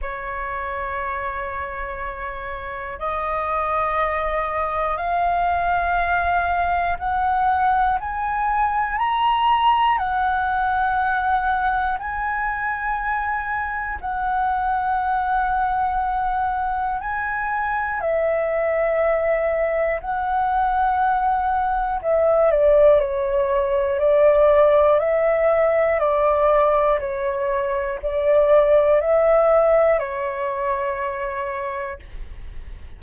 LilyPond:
\new Staff \with { instrumentName = "flute" } { \time 4/4 \tempo 4 = 60 cis''2. dis''4~ | dis''4 f''2 fis''4 | gis''4 ais''4 fis''2 | gis''2 fis''2~ |
fis''4 gis''4 e''2 | fis''2 e''8 d''8 cis''4 | d''4 e''4 d''4 cis''4 | d''4 e''4 cis''2 | }